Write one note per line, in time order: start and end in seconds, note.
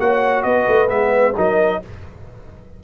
0.00 0.45 A#3
0.00 0.88 F#4
0.00 0.44 C#5
0.00 0.43 F#5
0.43 0.68 B3
0.43 1.35 B4
0.43 0.89 D#5
0.68 0.91 A3
0.88 1.36 G#3
0.88 1.34 B3
0.88 1.35 E5
1.36 1.83 F#3
1.36 1.83 D#4
1.36 1.81 A#4
1.36 1.84 D#5